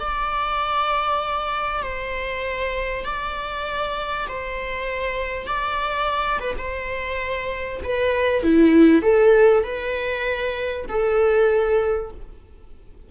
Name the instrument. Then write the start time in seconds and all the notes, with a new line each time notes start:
viola
0.00 D5
1.83 C5
3.05 D5
4.28 C5
5.47 D5
6.40 B4
6.58 C5
7.84 B4
8.43 E4
9.03 A4
9.64 B4
10.89 A4